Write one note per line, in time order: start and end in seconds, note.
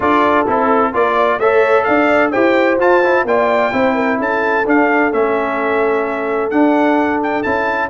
0.00 0.46 D4
0.00 0.46 F4
0.00 0.93 A4
0.00 0.47 D5
0.47 0.94 C4
0.47 0.93 E4
0.47 0.94 A4
0.93 1.39 A#3
0.93 1.39 F4
0.93 1.16 A#4
0.93 1.39 D5
1.16 1.39 D5
1.39 1.85 A3
1.39 2.33 A4
1.39 1.86 C#5
1.39 1.84 E5
1.84 2.34 D4
1.84 2.31 D5
1.84 2.30 F5
2.31 2.78 E4
2.31 2.79 G4
2.31 3.24 C5
2.31 2.78 G5
2.78 3.24 F4
2.78 3.02 F4
2.78 3.27 A5
3.03 3.26 E4
3.24 3.70 A#3
3.24 3.71 F4
3.24 3.73 D5
3.24 4.20 G5
3.71 4.19 C4
3.71 4.64 E4
3.71 3.94 C5
3.94 4.17 A#4
4.17 4.65 C#4
4.17 7.90 A4
4.17 4.67 A5
4.66 5.11 D4
4.66 5.12 D4
4.66 5.12 F5
5.11 6.51 A3
5.11 6.51 C#4
5.11 6.50 E5
6.50 7.44 D4
6.50 7.20 F#5
7.22 7.42 G5
7.42 7.90 C#4
7.42 7.90 E4
7.42 7.89 A5